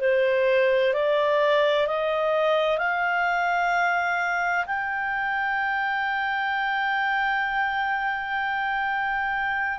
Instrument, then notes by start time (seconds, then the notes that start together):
clarinet
0.00 C5
0.94 D5
1.87 D#5
2.78 F5
4.66 G5